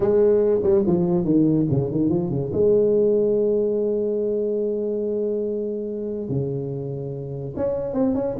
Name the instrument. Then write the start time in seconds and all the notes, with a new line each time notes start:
tuba
0.00 G#3
0.63 G3
0.86 F3
1.24 D#3
1.70 C#3
1.91 D#3
2.09 F3
2.30 C#3
2.53 G#3
6.28 C#3
7.56 C#4
7.93 C4
8.15 C#4